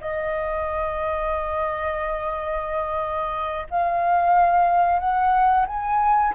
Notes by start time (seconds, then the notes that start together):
0.00 D#5
3.70 F5
4.99 F#5
5.67 G#5